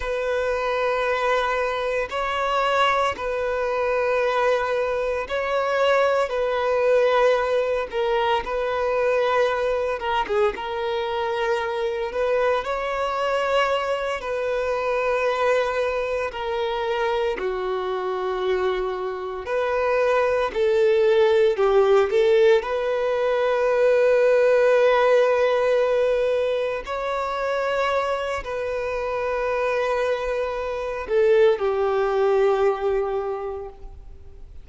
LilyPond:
\new Staff \with { instrumentName = "violin" } { \time 4/4 \tempo 4 = 57 b'2 cis''4 b'4~ | b'4 cis''4 b'4. ais'8 | b'4. ais'16 gis'16 ais'4. b'8 | cis''4. b'2 ais'8~ |
ais'8 fis'2 b'4 a'8~ | a'8 g'8 a'8 b'2~ b'8~ | b'4. cis''4. b'4~ | b'4. a'8 g'2 | }